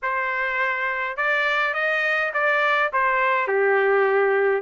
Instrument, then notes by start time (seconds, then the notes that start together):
trumpet
0.02 C5
1.17 D5
1.73 D#5
2.33 D5
2.93 C5
3.47 G4